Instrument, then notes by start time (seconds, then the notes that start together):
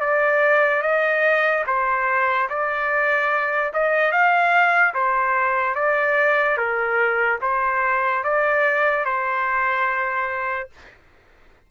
trumpet
0.00 D5
0.82 D#5
1.66 C5
2.49 D5
3.73 D#5
4.11 F5
4.94 C5
5.75 D5
6.57 A#4
7.41 C5
8.23 D5
9.05 C5